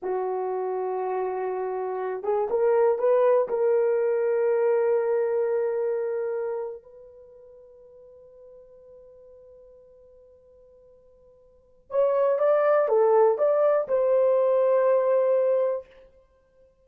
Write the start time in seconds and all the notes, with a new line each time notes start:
0.02 F#4
2.23 G#4
2.50 A#4
2.98 B4
3.48 A#4
6.82 B4
11.90 C#5
12.39 D5
12.88 A4
13.37 D5
13.88 C5